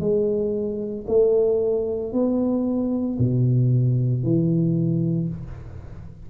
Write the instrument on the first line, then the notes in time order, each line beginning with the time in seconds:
tuba
0.00 G#3
1.07 A3
2.12 B3
3.19 B2
4.23 E3